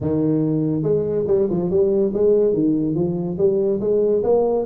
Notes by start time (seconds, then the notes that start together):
0.00 D#3
0.82 G#3
1.27 G3
1.49 F3
1.70 G3
2.13 G#3
2.53 D#3
2.94 F3
3.37 G3
3.80 G#3
4.23 A#3